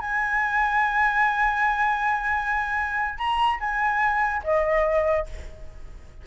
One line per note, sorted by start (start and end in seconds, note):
0.00 3.18 G#5
3.18 3.59 A#5
3.60 4.42 G#5
4.44 5.26 D#5